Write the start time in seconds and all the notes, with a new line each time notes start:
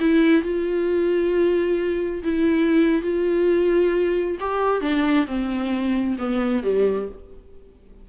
0.00 E4
0.43 F4
2.23 E4
3.02 F4
4.40 G4
4.81 D4
5.27 C4
6.19 B3
6.64 G3